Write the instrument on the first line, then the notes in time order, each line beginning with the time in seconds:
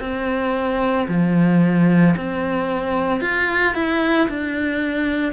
cello
0.00 C4
1.09 F3
2.17 C4
3.21 F4
3.75 E4
4.29 D4